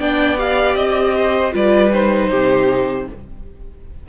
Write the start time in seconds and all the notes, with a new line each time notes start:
0.00 B3 D4 D5 G5
0.37 G4 F5
0.75 C4 D#5
1.16 C5
1.52 G3 F4 B4 D5
1.93 D#4 C5
2.30 C3 G4